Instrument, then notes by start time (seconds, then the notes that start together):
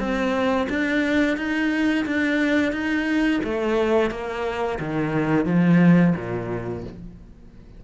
cello
0.00 C4
0.70 D4
1.38 D#4
2.06 D4
2.73 D#4
3.44 A3
4.11 A#3
4.80 D#3
5.46 F3
6.16 A#2